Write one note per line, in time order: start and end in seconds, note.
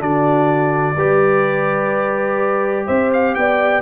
0.00 0.97 D3
0.00 0.95 D4
0.00 0.97 F#4
0.00 2.88 D5
0.97 2.87 G3
0.97 3.83 G4
0.97 2.87 B4
2.87 3.37 C4
2.87 3.34 C5
2.87 3.12 E5
3.14 3.35 F5
3.35 3.83 B3
3.35 3.83 D5
3.35 3.83 G5